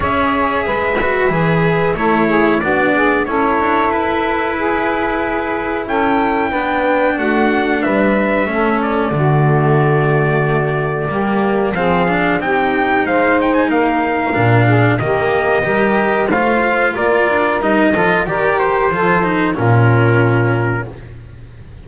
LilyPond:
<<
  \new Staff \with { instrumentName = "trumpet" } { \time 4/4 \tempo 4 = 92 e''2. cis''4 | d''4 cis''4 b'2~ | b'4 g''2 fis''4 | e''4. d''2~ d''8~ |
d''2 f''4 g''4 | f''8 g''16 gis''16 f''2 dis''4~ | dis''4 f''4 d''4 dis''4 | d''8 c''4. ais'2 | }
  \new Staff \with { instrumentName = "saxophone" } { \time 4/4 cis''4 b'2 a'8 gis'8 | fis'8 gis'8 a'2 gis'4~ | gis'4 a'4 b'4 fis'4 | b'4 a'4 fis'2~ |
fis'4 g'4 gis'4 g'4 | c''4 ais'4. gis'8 g'4 | ais'4 c''4 ais'4. a'8 | ais'4 a'4 f'2 | }
  \new Staff \with { instrumentName = "cello" } { \time 4/4 gis'4. fis'8 gis'4 e'4 | d'4 e'2.~ | e'2 d'2~ | d'4 cis'4 a2~ |
a4 ais4 c'8 d'8 dis'4~ | dis'2 d'4 ais4 | g'4 f'2 dis'8 f'8 | g'4 f'8 dis'8 cis'2 | }
  \new Staff \with { instrumentName = "double bass" } { \time 4/4 cis'4 gis4 e4 a4 | b4 cis'8 d'8 e'2~ | e'4 cis'4 b4 a4 | g4 a4 d2~ |
d4 g4 f4 c'4 | gis4 ais4 ais,4 dis4 | g4 a4 ais8 d'8 g8 f8 | dis4 f4 ais,2 | }
>>